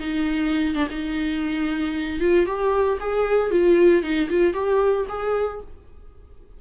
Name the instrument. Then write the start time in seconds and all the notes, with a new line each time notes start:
viola
0.00 D#4
0.75 D4
0.90 D#4
2.20 F4
2.47 G4
3.00 G#4
3.51 F4
4.03 D#4
4.30 F4
4.54 G4
5.09 G#4